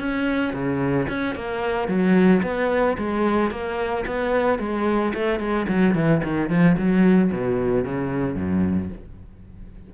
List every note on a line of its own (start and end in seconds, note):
0.00 0.54 C#4
0.54 1.08 C#3
1.09 1.36 C#4
1.36 1.88 A#3
1.88 2.42 F#3
2.43 2.97 B3
2.98 3.51 G#3
3.51 4.05 A#3
4.06 4.59 B3
4.59 5.13 G#3
5.14 5.40 A3
5.40 5.67 G#3
5.69 5.95 F#3
5.95 6.22 E3
6.24 6.50 D#3
6.50 6.77 F3
6.78 7.32 F#3
7.32 7.85 B2
7.85 8.36 C#3
8.36 8.90 F#2